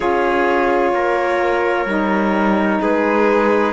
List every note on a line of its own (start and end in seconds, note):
0.00 0.93 C#4
0.00 1.85 F4
0.00 0.94 G#4
0.00 2.81 C#5
0.93 1.85 A#3
0.93 2.81 A#4
1.85 2.79 G3
1.85 3.72 D#4
2.81 3.72 G#3
2.81 3.72 G#4
2.81 3.72 B4